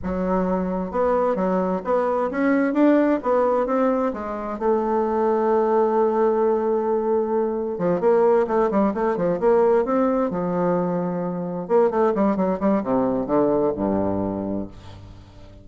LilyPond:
\new Staff \with { instrumentName = "bassoon" } { \time 4/4 \tempo 4 = 131 fis2 b4 fis4 | b4 cis'4 d'4 b4 | c'4 gis4 a2~ | a1~ |
a4 f8 ais4 a8 g8 a8 | f8 ais4 c'4 f4.~ | f4. ais8 a8 g8 fis8 g8 | c4 d4 g,2 | }